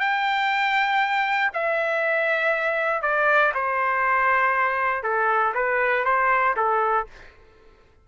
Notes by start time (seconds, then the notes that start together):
0.00 G5
1.54 E5
3.02 D5
3.55 C5
5.03 A4
5.54 B4
6.05 C5
6.56 A4